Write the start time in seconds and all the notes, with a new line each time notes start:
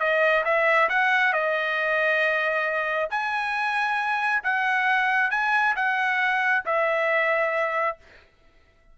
0.00 D#5
0.45 E5
0.89 F#5
1.34 D#5
3.10 G#5
4.44 F#5
5.31 G#5
5.76 F#5
6.66 E5